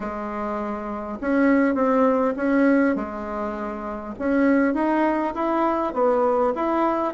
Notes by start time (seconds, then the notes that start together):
0.00 G#3
1.20 C#4
1.74 C4
2.36 C#4
2.95 G#3
4.19 C#4
4.74 D#4
5.34 E4
5.93 B3
6.55 E4